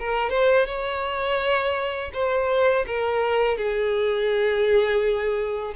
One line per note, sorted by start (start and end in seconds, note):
0.00 0.31 A#4
0.31 0.67 C5
0.67 2.11 C#5
2.14 2.86 C5
2.87 3.58 A#4
3.58 5.75 G#4